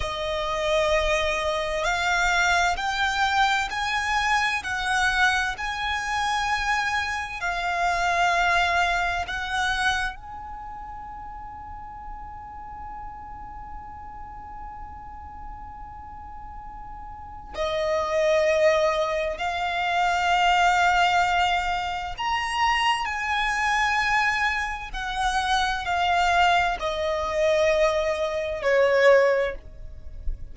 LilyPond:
\new Staff \with { instrumentName = "violin" } { \time 4/4 \tempo 4 = 65 dis''2 f''4 g''4 | gis''4 fis''4 gis''2 | f''2 fis''4 gis''4~ | gis''1~ |
gis''2. dis''4~ | dis''4 f''2. | ais''4 gis''2 fis''4 | f''4 dis''2 cis''4 | }